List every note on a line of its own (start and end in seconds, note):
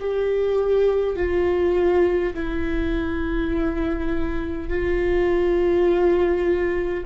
0.00 1.16 G4
1.16 2.34 F4
2.34 4.68 E4
4.68 7.04 F4